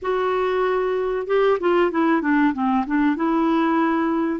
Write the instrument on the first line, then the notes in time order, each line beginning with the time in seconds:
clarinet
0.01 F#4
1.26 G4
1.60 F4
1.91 E4
2.21 D4
2.53 C4
2.86 D4
3.16 E4